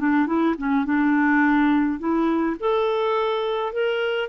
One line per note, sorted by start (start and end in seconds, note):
0.00 0.27 D4
0.27 0.56 E4
0.58 0.85 C#4
0.85 2.00 D4
2.00 2.57 E4
2.60 3.73 A4
3.73 4.29 A#4